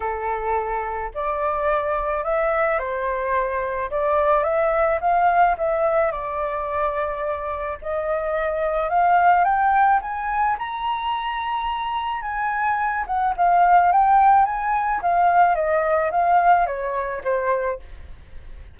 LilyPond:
\new Staff \with { instrumentName = "flute" } { \time 4/4 \tempo 4 = 108 a'2 d''2 | e''4 c''2 d''4 | e''4 f''4 e''4 d''4~ | d''2 dis''2 |
f''4 g''4 gis''4 ais''4~ | ais''2 gis''4. fis''8 | f''4 g''4 gis''4 f''4 | dis''4 f''4 cis''4 c''4 | }